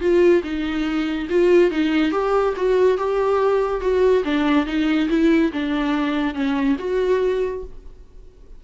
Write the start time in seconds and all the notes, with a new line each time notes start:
0.00 F4
0.43 D#4
1.29 F4
1.70 D#4
2.11 G4
2.56 F#4
2.98 G4
3.81 F#4
4.24 D4
4.66 D#4
5.09 E4
5.52 D4
6.34 C#4
6.79 F#4